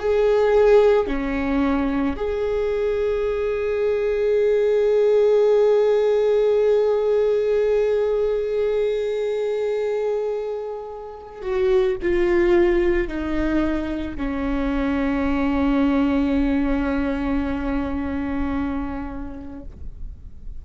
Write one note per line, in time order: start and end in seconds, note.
0.00 1.07 G#4
1.07 2.16 C#4
2.17 11.42 G#4
11.42 11.97 F#4
12.02 13.08 F4
13.08 14.17 D#4
14.17 19.63 C#4